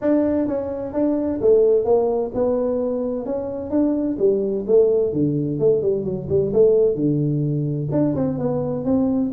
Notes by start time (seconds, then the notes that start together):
0.01 D4
0.47 C#4
0.93 D4
1.41 A3
1.84 A#3
2.34 B3
3.25 C#4
3.70 D4
4.18 G3
4.67 A3
5.12 D3
5.59 A3
5.82 G3
6.04 F#3
6.29 G3
6.53 A3
6.95 D3
7.91 D4
8.15 C4
8.38 B3
8.85 C4